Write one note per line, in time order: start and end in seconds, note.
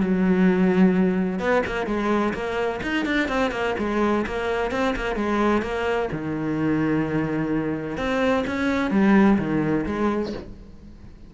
0.00 1.39 F#3
1.39 1.62 B3
1.66 1.86 A#3
1.86 2.33 G#3
2.33 2.80 A#3
2.82 3.06 D#4
3.06 3.28 D4
3.28 3.51 C4
3.51 3.74 A#3
3.78 4.25 G#3
4.26 4.71 A#3
4.71 4.95 C4
4.96 5.15 A#3
5.15 5.62 G#3
5.62 6.09 A#3
6.12 7.97 D#3
7.97 8.44 C4
8.47 8.91 C#4
8.91 9.37 G3
9.38 9.85 D#3
9.86 10.33 G#3